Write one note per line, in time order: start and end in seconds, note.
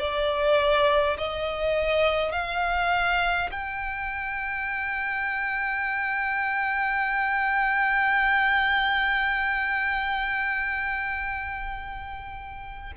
0.00 1.18 D5
1.18 2.33 D#5
2.33 3.50 F5
3.52 12.93 G5